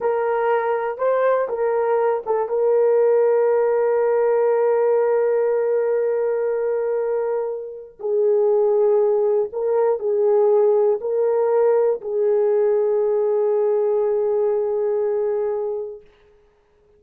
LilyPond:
\new Staff \with { instrumentName = "horn" } { \time 4/4 \tempo 4 = 120 ais'2 c''4 ais'4~ | ais'8 a'8 ais'2.~ | ais'1~ | ais'1 |
gis'2. ais'4 | gis'2 ais'2 | gis'1~ | gis'1 | }